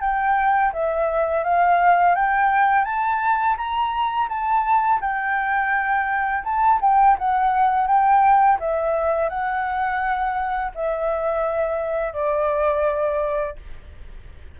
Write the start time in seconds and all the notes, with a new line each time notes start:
0.00 G5
0.72 E5
1.44 F5
2.15 G5
2.84 A5
3.57 A#5
4.28 A5
5.00 G5
6.44 A5
6.81 G5
7.18 F#5
7.87 G5
8.59 E5
9.29 F#5
10.74 E5
12.13 D5